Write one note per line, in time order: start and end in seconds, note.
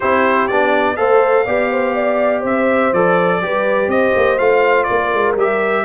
0.00 0.50 C4
0.00 0.50 E4
0.00 0.96 G4
0.00 0.47 C5
0.47 0.99 B3
0.47 0.96 D4
0.47 0.96 D5
0.96 1.47 A3
0.96 1.45 A4
0.96 1.45 C5
0.96 2.42 F5
1.45 2.44 B3
1.45 2.93 G4
1.45 1.69 D5
1.70 1.94 C5
1.94 2.40 D5
2.40 2.92 C4
2.40 3.38 C5
2.40 2.93 E5
2.92 3.41 F3
2.92 3.42 A4
2.92 3.90 D5
3.41 3.87 G3
3.41 4.39 G4
3.41 3.90 B4
3.87 4.11 C4
3.87 4.88 C5
3.87 4.38 D#5
4.16 4.40 A#3
4.38 4.88 A3
4.38 5.36 F4
4.38 4.83 F5
4.83 5.85 A#4
4.83 5.32 D5
4.90 5.13 A#3
5.13 5.35 G#3
5.35 5.84 G3
5.35 5.85 G4
5.35 5.85 E5